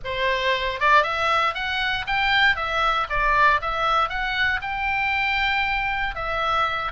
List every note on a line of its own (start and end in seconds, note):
0.04 0.79 C5
0.79 1.03 D5
1.03 1.54 E5
1.54 2.05 F#5
2.07 2.55 G5
2.55 3.07 E5
3.09 3.60 D5
3.61 4.09 E5
4.09 4.60 F#5
4.61 6.15 G5
6.15 6.92 E5